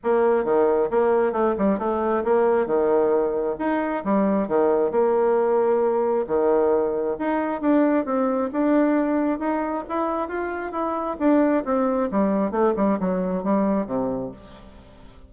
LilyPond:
\new Staff \with { instrumentName = "bassoon" } { \time 4/4 \tempo 4 = 134 ais4 dis4 ais4 a8 g8 | a4 ais4 dis2 | dis'4 g4 dis4 ais4~ | ais2 dis2 |
dis'4 d'4 c'4 d'4~ | d'4 dis'4 e'4 f'4 | e'4 d'4 c'4 g4 | a8 g8 fis4 g4 c4 | }